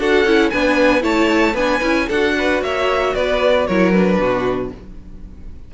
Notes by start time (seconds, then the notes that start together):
0.00 D4 F#4 A4 F#5
0.25 C#4 E4
0.50 B3 D4 B4 G#5
1.01 A3 E4 C#5 A5
1.54 B3 D4 B4 G#5
1.81 C#4 E4
2.08 D4 F#4 A4 F#5
2.38 B4
2.62 A#3 C#5 E5
3.15 B3 B4 D5
3.68 F#3 E4 A#4 C#5
3.92 D4 B4
4.19 B2 F#4